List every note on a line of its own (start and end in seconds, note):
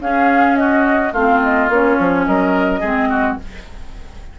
0.00 1.12 C#4
0.00 1.14 C#4
0.00 0.59 G#4
0.00 0.56 F5
0.56 1.13 F#4
0.56 1.12 D#5
1.13 1.69 A3
1.13 1.71 C4
1.13 2.25 F4
1.13 1.41 F5
1.43 1.71 D#5
1.69 1.97 A#3
1.69 2.83 C#4
1.69 2.26 C#5
1.99 2.27 F3
2.26 2.82 F#3
2.26 2.80 A#4
2.26 3.38 D#5
2.80 3.38 G#3
2.80 3.39 C4
2.80 3.08 G#4
3.10 3.38 F#4